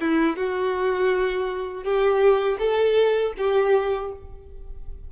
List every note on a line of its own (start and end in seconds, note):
0.00 0.36 E4
0.36 1.83 F#4
1.83 2.57 G4
2.59 3.33 A4
3.37 4.11 G4